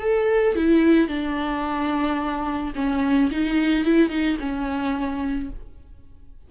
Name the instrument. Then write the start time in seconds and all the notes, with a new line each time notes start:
viola
0.00 A4
0.55 E4
1.08 D4
2.75 C#4
3.31 D#4
3.84 E4
4.09 D#4
4.39 C#4